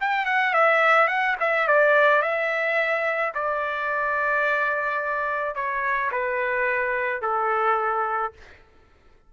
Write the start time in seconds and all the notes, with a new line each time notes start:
0.00 G5
0.25 F#5
0.53 E5
1.07 F#5
1.39 E5
1.67 D5
2.21 E5
3.34 D5
5.55 C#5
6.11 B4
7.21 A4